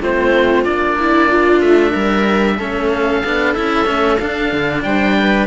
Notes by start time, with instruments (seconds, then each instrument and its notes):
0.00 cello A3 C4, viola F4, oboe C5
0.64 cello A#3 D4, oboe D5
0.99 viola E4
1.30 viola F4
1.61 cello A3, oboe E5
1.91 cello G3, viola A#4
2.58 cello A3 C#4, viola A4
2.92 oboe F5
3.24 cello B3 D4
3.54 cello C#4 E4, oboe E5
3.85 cello A3 C#4
4.18 cello D4, oboe F5
4.52 cello D3
4.83 cello G3, viola C5, oboe G5
5.19 viola B4